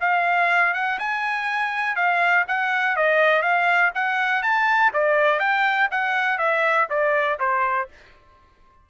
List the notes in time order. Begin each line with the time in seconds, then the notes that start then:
0.00 F5
0.74 F#5
0.99 G#5
1.95 F5
2.48 F#5
2.96 D#5
3.42 F5
3.94 F#5
4.42 A5
4.93 D5
5.39 G5
5.91 F#5
6.38 E5
6.89 D5
7.39 C5